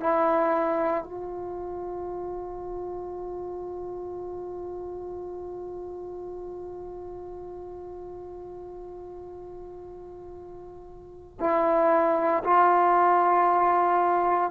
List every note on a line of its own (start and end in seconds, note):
0.00 1.03 E4
1.03 11.38 F4
11.40 12.43 E4
12.44 14.51 F4